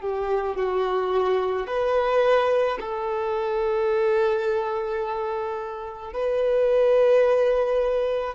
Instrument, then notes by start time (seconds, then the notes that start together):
violin
0.00 G4
0.56 F#4
1.67 B4
2.80 A4
6.13 B4